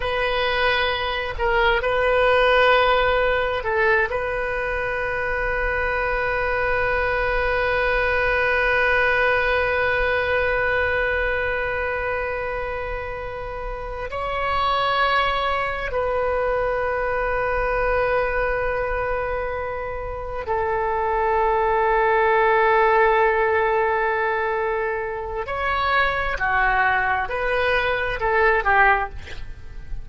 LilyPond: \new Staff \with { instrumentName = "oboe" } { \time 4/4 \tempo 4 = 66 b'4. ais'8 b'2 | a'8 b'2.~ b'8~ | b'1~ | b'2.~ b'8 cis''8~ |
cis''4. b'2~ b'8~ | b'2~ b'8 a'4.~ | a'1 | cis''4 fis'4 b'4 a'8 g'8 | }